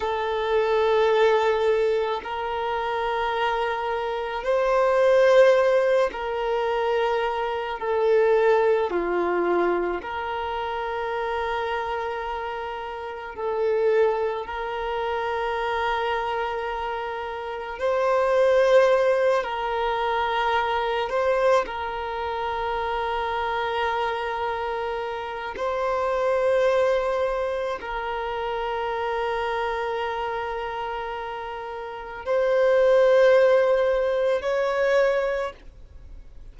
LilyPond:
\new Staff \with { instrumentName = "violin" } { \time 4/4 \tempo 4 = 54 a'2 ais'2 | c''4. ais'4. a'4 | f'4 ais'2. | a'4 ais'2. |
c''4. ais'4. c''8 ais'8~ | ais'2. c''4~ | c''4 ais'2.~ | ais'4 c''2 cis''4 | }